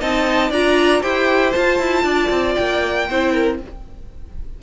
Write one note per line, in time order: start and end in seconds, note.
0.00 0.51 C4
0.00 0.51 D#4
0.00 0.51 D#5
0.00 0.53 A5
0.51 1.03 D4
0.51 1.03 F4
0.51 1.02 D5
0.51 1.03 A#5
1.02 1.55 E4
1.02 1.53 G4
1.02 2.04 C5
1.02 1.52 G5
1.52 3.07 F4
1.52 1.79 F4
1.52 2.55 A5
1.79 2.04 E4
2.04 2.29 D4
2.04 3.07 D5
2.30 2.56 C4
2.55 3.10 A#3
2.55 3.58 G5
3.10 3.61 C4
3.10 3.63 E4
3.10 3.33 C5
3.33 3.59 A#4